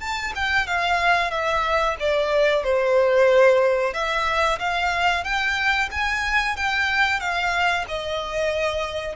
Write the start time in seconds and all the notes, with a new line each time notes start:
0.00 A5
0.35 G5
0.66 F5
1.30 E5
2.00 D5
2.63 C5
3.93 E5
4.59 F5
5.24 G5
5.91 G#5
6.56 G5
7.20 F5
7.88 D#5